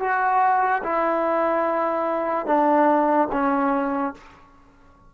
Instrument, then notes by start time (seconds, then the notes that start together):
trombone
0.00 F#4
0.83 E4
2.46 D4
3.32 C#4